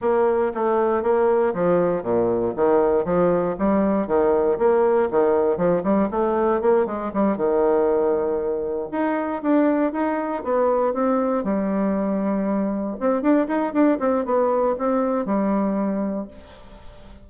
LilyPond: \new Staff \with { instrumentName = "bassoon" } { \time 4/4 \tempo 4 = 118 ais4 a4 ais4 f4 | ais,4 dis4 f4 g4 | dis4 ais4 dis4 f8 g8 | a4 ais8 gis8 g8 dis4.~ |
dis4. dis'4 d'4 dis'8~ | dis'8 b4 c'4 g4.~ | g4. c'8 d'8 dis'8 d'8 c'8 | b4 c'4 g2 | }